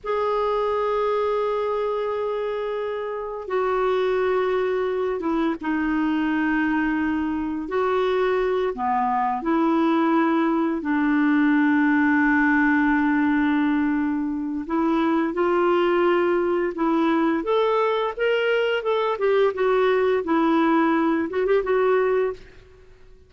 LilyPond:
\new Staff \with { instrumentName = "clarinet" } { \time 4/4 \tempo 4 = 86 gis'1~ | gis'4 fis'2~ fis'8 e'8 | dis'2. fis'4~ | fis'8 b4 e'2 d'8~ |
d'1~ | d'4 e'4 f'2 | e'4 a'4 ais'4 a'8 g'8 | fis'4 e'4. fis'16 g'16 fis'4 | }